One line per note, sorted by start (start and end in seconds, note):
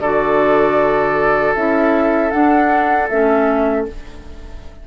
0.00 1.54 D3
0.00 1.57 F#4
0.00 3.86 A4
0.00 1.54 D5
1.55 2.33 C#4
1.55 2.32 E4
1.55 2.31 E5
2.31 3.08 D4
2.31 3.10 D4
2.31 3.08 F#5
3.09 3.87 A3
3.09 3.88 C#4
3.09 3.86 E5